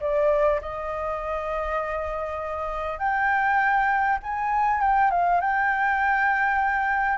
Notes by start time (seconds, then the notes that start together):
0.00 D5
0.61 D#5
2.98 G5
4.22 G#5
4.80 G5
5.11 F5
5.40 G5